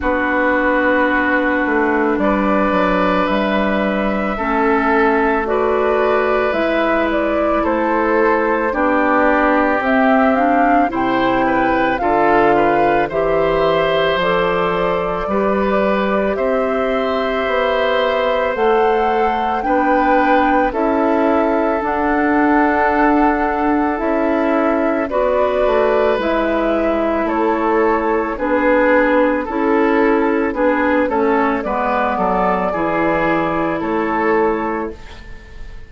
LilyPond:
<<
  \new Staff \with { instrumentName = "flute" } { \time 4/4 \tempo 4 = 55 b'2 d''4 e''4~ | e''4 d''4 e''8 d''8 c''4 | d''4 e''8 f''8 g''4 f''4 | e''4 d''2 e''4~ |
e''4 fis''4 g''4 e''4 | fis''2 e''4 d''4 | e''4 cis''4 b'4 a'4 | b'8 cis''8 d''2 cis''4 | }
  \new Staff \with { instrumentName = "oboe" } { \time 4/4 fis'2 b'2 | a'4 b'2 a'4 | g'2 c''8 b'8 a'8 b'8 | c''2 b'4 c''4~ |
c''2 b'4 a'4~ | a'2. b'4~ | b'4 a'4 gis'4 a'4 | gis'8 a'8 b'8 a'8 gis'4 a'4 | }
  \new Staff \with { instrumentName = "clarinet" } { \time 4/4 d'1 | cis'4 fis'4 e'2 | d'4 c'8 d'8 e'4 f'4 | g'4 a'4 g'2~ |
g'4 a'4 d'4 e'4 | d'2 e'4 fis'4 | e'2 d'4 e'4 | d'8 cis'8 b4 e'2 | }
  \new Staff \with { instrumentName = "bassoon" } { \time 4/4 b4. a8 g8 fis8 g4 | a2 gis4 a4 | b4 c'4 c4 d4 | e4 f4 g4 c'4 |
b4 a4 b4 cis'4 | d'2 cis'4 b8 a8 | gis4 a4 b4 cis'4 | b8 a8 gis8 fis8 e4 a4 | }
>>